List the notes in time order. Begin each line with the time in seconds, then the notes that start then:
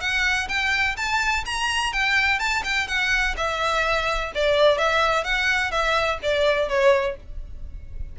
0.00 F#5
0.48 G5
0.96 A5
1.45 A#5
1.92 G5
2.39 A5
2.63 G5
2.87 F#5
3.36 E5
4.34 D5
4.77 E5
5.23 F#5
5.71 E5
6.22 D5
6.68 C#5